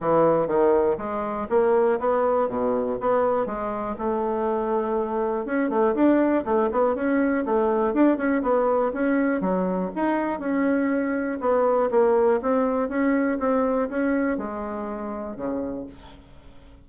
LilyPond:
\new Staff \with { instrumentName = "bassoon" } { \time 4/4 \tempo 4 = 121 e4 dis4 gis4 ais4 | b4 b,4 b4 gis4 | a2. cis'8 a8 | d'4 a8 b8 cis'4 a4 |
d'8 cis'8 b4 cis'4 fis4 | dis'4 cis'2 b4 | ais4 c'4 cis'4 c'4 | cis'4 gis2 cis4 | }